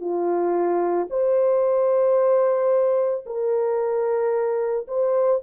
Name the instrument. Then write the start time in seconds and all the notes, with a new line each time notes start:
horn
0.00 F4
1.10 C5
3.26 A#4
4.87 C5